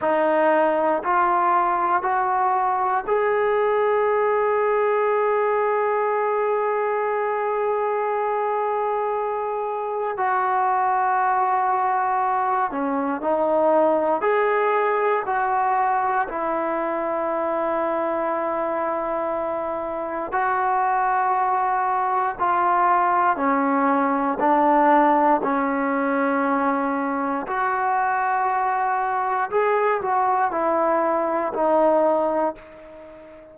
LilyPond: \new Staff \with { instrumentName = "trombone" } { \time 4/4 \tempo 4 = 59 dis'4 f'4 fis'4 gis'4~ | gis'1~ | gis'2 fis'2~ | fis'8 cis'8 dis'4 gis'4 fis'4 |
e'1 | fis'2 f'4 cis'4 | d'4 cis'2 fis'4~ | fis'4 gis'8 fis'8 e'4 dis'4 | }